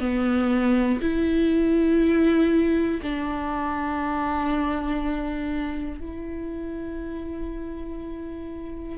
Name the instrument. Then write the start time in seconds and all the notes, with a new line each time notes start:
viola
0.00 B3
1.01 E4
3.02 D4
6.00 E4